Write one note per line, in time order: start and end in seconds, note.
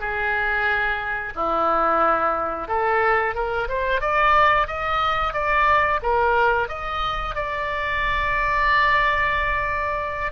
0.00 1.33 G#4
1.35 2.68 E4
2.68 3.35 A4
3.35 3.68 A#4
3.68 4.01 C5
4.01 4.67 D5
4.67 5.33 D#5
5.33 6.00 D5
6.03 6.69 A#4
6.69 7.35 D#5
7.35 10.32 D5